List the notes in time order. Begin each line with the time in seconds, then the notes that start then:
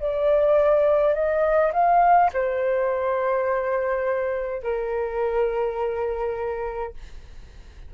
0.00 D5
1.14 D#5
1.73 F5
2.33 C5
4.62 A#4